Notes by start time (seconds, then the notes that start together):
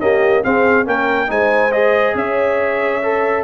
0.00 A#3 C#4 G4 D#5
0.44 C4 G#4 F5
0.85 A#3 C#4 A#4 G5
1.28 G#3 D#4 C5 G#5
1.72 G#4 D#5
2.15 C#4 C#5 E5
3.03 A4